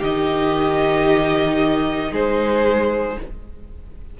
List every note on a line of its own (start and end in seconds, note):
0.00 2.12 D#3
0.00 3.17 D#4
0.00 2.11 G4
0.00 2.14 D#5
2.12 3.17 G#3
2.12 3.18 G#4
2.12 3.20 C5